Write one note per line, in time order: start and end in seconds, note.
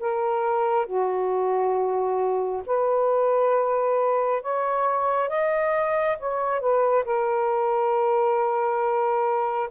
0.00 0.87 A#4
0.87 2.63 F#4
2.67 4.43 B4
4.43 5.29 C#5
5.29 6.18 D#5
6.20 6.61 C#5
6.61 7.05 B4
7.05 9.70 A#4